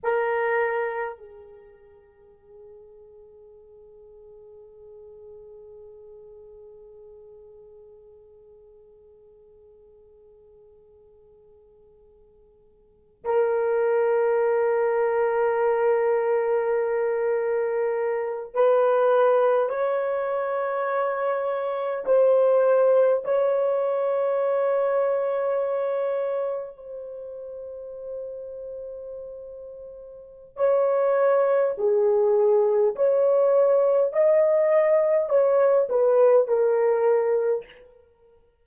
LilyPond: \new Staff \with { instrumentName = "horn" } { \time 4/4 \tempo 4 = 51 ais'4 gis'2.~ | gis'1~ | gis'2.~ gis'16 ais'8.~ | ais'2.~ ais'8. b'16~ |
b'8. cis''2 c''4 cis''16~ | cis''2~ cis''8. c''4~ c''16~ | c''2 cis''4 gis'4 | cis''4 dis''4 cis''8 b'8 ais'4 | }